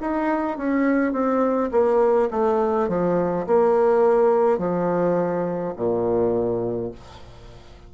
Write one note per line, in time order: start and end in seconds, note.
0.00 0.57 D#4
0.57 1.12 C#4
1.12 1.70 C4
1.71 2.29 A#3
2.30 2.88 A3
2.88 3.46 F3
3.46 4.58 A#3
4.58 5.73 F3
5.76 6.91 A#2